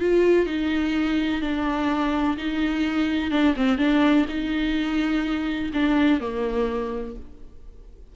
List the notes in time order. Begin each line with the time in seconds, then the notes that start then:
0.00 F4
0.46 D#4
1.42 D4
2.37 D#4
3.31 D4
3.56 C4
3.78 D4
4.29 D#4
5.73 D4
6.20 A#3